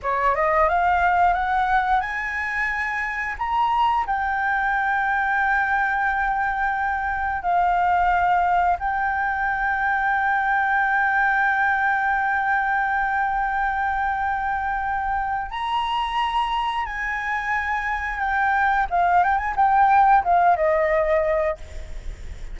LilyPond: \new Staff \with { instrumentName = "flute" } { \time 4/4 \tempo 4 = 89 cis''8 dis''8 f''4 fis''4 gis''4~ | gis''4 ais''4 g''2~ | g''2. f''4~ | f''4 g''2.~ |
g''1~ | g''2. ais''4~ | ais''4 gis''2 g''4 | f''8 g''16 gis''16 g''4 f''8 dis''4. | }